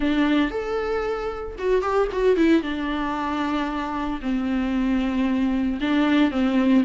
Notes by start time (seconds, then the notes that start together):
0.00 D4
0.50 A4
1.58 F#4
1.81 G4
2.11 F#4
2.36 E4
2.62 D4
4.21 C4
5.81 D4
6.31 C4